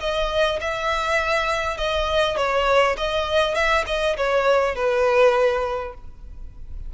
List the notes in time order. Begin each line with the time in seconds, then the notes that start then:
0.00 D#5
0.60 E5
1.77 D#5
2.37 C#5
2.97 D#5
3.55 E5
3.86 D#5
4.16 C#5
4.75 B4